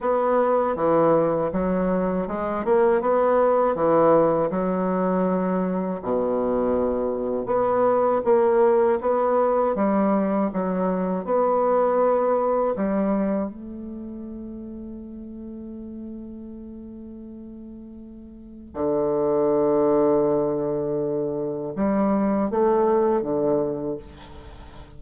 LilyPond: \new Staff \with { instrumentName = "bassoon" } { \time 4/4 \tempo 4 = 80 b4 e4 fis4 gis8 ais8 | b4 e4 fis2 | b,2 b4 ais4 | b4 g4 fis4 b4~ |
b4 g4 a2~ | a1~ | a4 d2.~ | d4 g4 a4 d4 | }